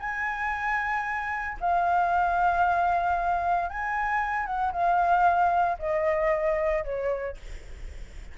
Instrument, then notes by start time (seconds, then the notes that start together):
flute
0.00 G#5
1.61 F5
3.70 G#5
4.46 F#5
4.73 F5
5.79 D#5
6.84 C#5